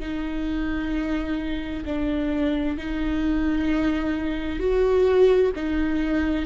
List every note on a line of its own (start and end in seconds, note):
0.00 1.85 D#4
1.86 2.78 D4
2.78 4.60 D#4
4.60 5.52 F#4
5.56 6.46 D#4